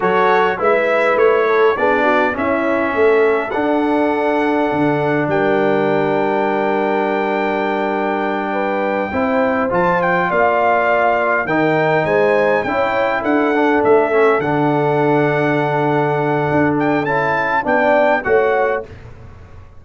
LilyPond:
<<
  \new Staff \with { instrumentName = "trumpet" } { \time 4/4 \tempo 4 = 102 cis''4 e''4 cis''4 d''4 | e''2 fis''2~ | fis''4 g''2.~ | g''1~ |
g''8 a''8 g''8 f''2 g''8~ | g''8 gis''4 g''4 fis''4 e''8~ | e''8 fis''2.~ fis''8~ | fis''8 g''8 a''4 g''4 fis''4 | }
  \new Staff \with { instrumentName = "horn" } { \time 4/4 a'4 b'4. a'8 gis'8 fis'8 | e'4 a'2.~ | a'4 ais'2.~ | ais'2~ ais'8 b'4 c''8~ |
c''4. d''2 ais'8~ | ais'8 c''4 cis''4 a'4.~ | a'1~ | a'2 d''4 cis''4 | }
  \new Staff \with { instrumentName = "trombone" } { \time 4/4 fis'4 e'2 d'4 | cis'2 d'2~ | d'1~ | d'2.~ d'8 e'8~ |
e'8 f'2. dis'8~ | dis'4. e'4. d'4 | cis'8 d'2.~ d'8~ | d'4 e'4 d'4 fis'4 | }
  \new Staff \with { instrumentName = "tuba" } { \time 4/4 fis4 gis4 a4 b4 | cis'4 a4 d'2 | d4 g2.~ | g2.~ g8 c'8~ |
c'8 f4 ais2 dis8~ | dis8 gis4 cis'4 d'4 a8~ | a8 d2.~ d8 | d'4 cis'4 b4 a4 | }
>>